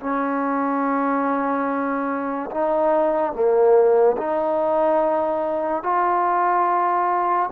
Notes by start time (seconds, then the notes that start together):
0.00 C#4
2.51 D#4
3.33 A#3
4.17 D#4
5.83 F4